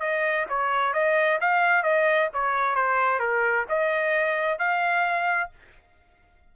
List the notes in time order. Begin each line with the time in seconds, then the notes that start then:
0.00 D#5
0.49 C#5
0.93 D#5
1.41 F5
1.83 D#5
2.33 C#5
2.75 C5
3.20 A#4
3.69 D#5
4.59 F5